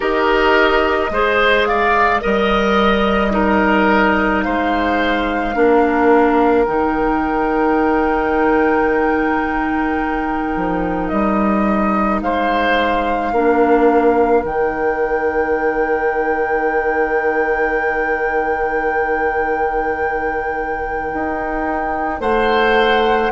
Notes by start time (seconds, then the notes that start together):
0.00 D#4 G4 A#4 D#5
1.10 G#3 G#4 C5
1.66 D5 F5
2.20 G3 A#4 D#5
3.30 D#4 A#4
4.42 G#3 C5 F5
5.54 A#3 D4 A#4
6.64 D#3 D#4 G5
10.56 F3
11.08 G3 D#5
12.21 G#3 C5 F5
13.31 A#3 D4 A#4
14.44 D#3 D#4 G5
21.13 D#4
22.20 A3 C5 F#5